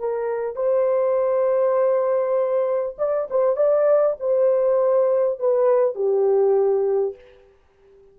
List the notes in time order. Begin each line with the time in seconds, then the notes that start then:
0.00 A#4
0.56 C5
2.99 D5
3.31 C5
3.57 D5
4.20 C5
5.40 B4
5.95 G4